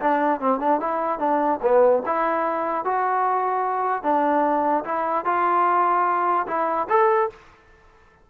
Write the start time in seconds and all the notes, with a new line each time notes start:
0.00 D4
0.40 C4
0.60 D4
0.80 E4
1.19 D4
1.62 B3
2.06 E4
2.84 F#4
4.03 D4
4.85 E4
5.25 F4
6.47 E4
6.89 A4